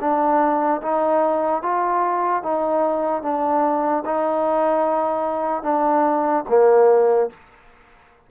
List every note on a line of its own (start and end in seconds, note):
0.00 0.81 D4
0.81 1.62 D#4
1.62 2.43 F4
2.43 3.22 D#4
3.22 4.03 D4
4.05 5.62 D#4
5.62 6.43 D4
6.48 7.29 A#3